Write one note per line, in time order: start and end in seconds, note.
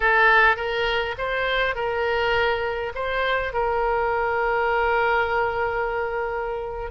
0.00 0.56 A4
0.56 1.15 A#4
1.18 1.75 C5
1.75 2.92 A#4
2.94 3.53 C5
3.53 6.90 A#4